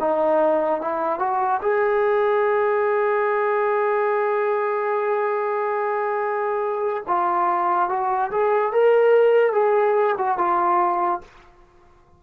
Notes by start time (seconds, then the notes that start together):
0.00 D#4
0.81 E4
1.19 F#4
1.62 G#4
7.08 F4
7.89 F#4
8.31 G#4
8.73 A#4
9.53 G#4
10.18 F#4
10.38 F4